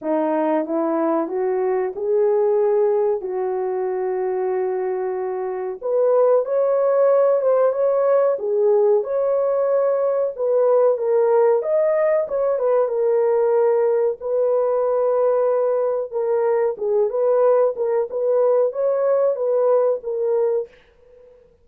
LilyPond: \new Staff \with { instrumentName = "horn" } { \time 4/4 \tempo 4 = 93 dis'4 e'4 fis'4 gis'4~ | gis'4 fis'2.~ | fis'4 b'4 cis''4. c''8 | cis''4 gis'4 cis''2 |
b'4 ais'4 dis''4 cis''8 b'8 | ais'2 b'2~ | b'4 ais'4 gis'8 b'4 ais'8 | b'4 cis''4 b'4 ais'4 | }